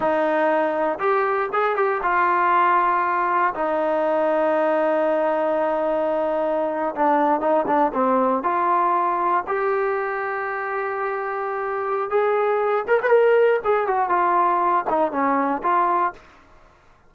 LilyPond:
\new Staff \with { instrumentName = "trombone" } { \time 4/4 \tempo 4 = 119 dis'2 g'4 gis'8 g'8 | f'2. dis'4~ | dis'1~ | dis'4.~ dis'16 d'4 dis'8 d'8 c'16~ |
c'8. f'2 g'4~ g'16~ | g'1 | gis'4. ais'16 b'16 ais'4 gis'8 fis'8 | f'4. dis'8 cis'4 f'4 | }